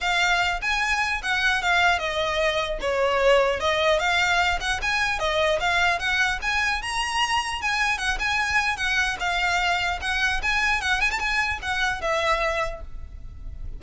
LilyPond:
\new Staff \with { instrumentName = "violin" } { \time 4/4 \tempo 4 = 150 f''4. gis''4. fis''4 | f''4 dis''2 cis''4~ | cis''4 dis''4 f''4. fis''8 | gis''4 dis''4 f''4 fis''4 |
gis''4 ais''2 gis''4 | fis''8 gis''4. fis''4 f''4~ | f''4 fis''4 gis''4 fis''8 gis''16 a''16 | gis''4 fis''4 e''2 | }